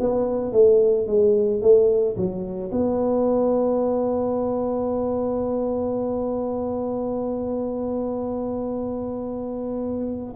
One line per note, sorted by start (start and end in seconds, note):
0.00 0.53 B3
0.53 1.07 A3
1.07 1.62 G#3
1.62 2.16 A3
2.17 2.71 F#3
2.71 10.35 B3